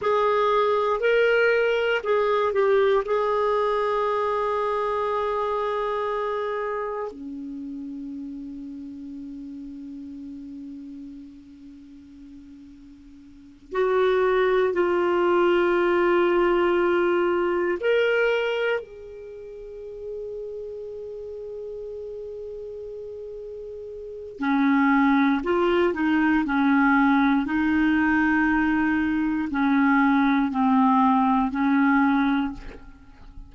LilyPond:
\new Staff \with { instrumentName = "clarinet" } { \time 4/4 \tempo 4 = 59 gis'4 ais'4 gis'8 g'8 gis'4~ | gis'2. cis'4~ | cis'1~ | cis'4. fis'4 f'4.~ |
f'4. ais'4 gis'4.~ | gis'1 | cis'4 f'8 dis'8 cis'4 dis'4~ | dis'4 cis'4 c'4 cis'4 | }